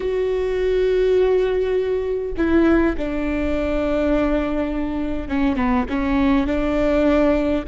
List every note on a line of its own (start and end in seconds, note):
0.00 2.32 F#4
2.37 2.96 E4
2.97 5.28 D4
5.28 5.56 C#4
5.56 5.85 B3
5.89 6.47 C#4
6.47 7.64 D4